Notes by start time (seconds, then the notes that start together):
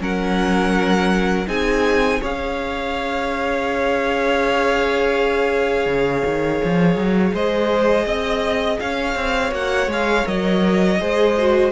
0.00 F#3 C#4 A#4 F#5
1.47 C4 D#4 G#4 G#5
2.21 C#4 G#4 C#5 F5
5.86 C#3
6.25 D#3
6.64 F3
6.96 F#3
7.34 G#3 C5 D#5
8.06 C4 D#5
8.80 C#4 C#5 F5
9.16 C4
9.52 A#3 F#4 F#5
9.87 G#3 G#4 F5
10.25 F#3 A#4 D#5
10.99 G#3 G#4 C5
11.38 F#4